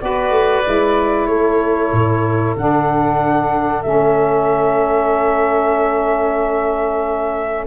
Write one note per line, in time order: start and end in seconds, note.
0.00 0.30 B3
0.00 0.64 F#4
0.00 1.30 B4
0.00 1.27 D5
0.30 0.62 A3
0.64 1.27 G#3
0.64 2.56 E4
1.27 1.91 A3
1.27 7.67 A4
1.27 2.54 C#5
1.92 2.56 A2
2.56 3.84 D3
2.56 3.84 D4
2.56 3.82 F#5
3.82 7.67 A3
3.82 7.67 C#4
3.82 7.65 E5